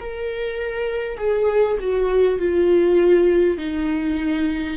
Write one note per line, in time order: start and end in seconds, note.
0.00 1.17 A#4
1.17 1.77 G#4
1.80 2.39 F#4
2.39 3.57 F4
3.57 4.77 D#4